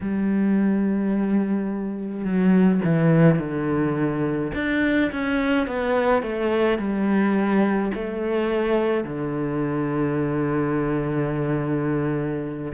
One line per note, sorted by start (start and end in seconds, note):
0.01 2.24 G3
2.24 2.80 F#3
2.84 3.39 E3
3.39 4.52 D3
4.54 5.10 D4
5.11 5.67 C#4
5.67 6.22 B3
6.22 6.78 A3
6.78 7.91 G3
7.94 9.04 A3
9.04 12.72 D3